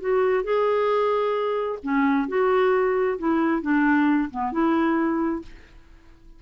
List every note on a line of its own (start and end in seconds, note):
0.00 0.43 F#4
0.43 1.79 G#4
1.83 2.28 C#4
2.28 3.18 F#4
3.18 3.62 E4
3.62 4.29 D4
4.30 4.52 B3
4.52 5.42 E4